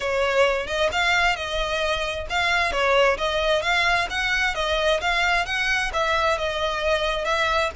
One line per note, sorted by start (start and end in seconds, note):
0.00 0.67 C#5
0.67 0.89 D#5
0.92 1.36 F5
1.36 2.26 D#5
2.29 2.71 F5
2.71 3.17 C#5
3.17 3.62 D#5
3.62 4.07 F5
4.10 4.55 F#5
4.55 5.00 D#5
5.00 5.45 F5
5.45 5.91 F#5
5.93 6.38 E5
6.38 7.24 D#5
7.24 7.70 E5